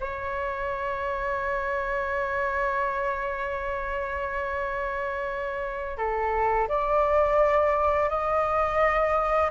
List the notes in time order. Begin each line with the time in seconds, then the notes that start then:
0.00 C#5
5.97 A4
6.68 D5
8.09 D#5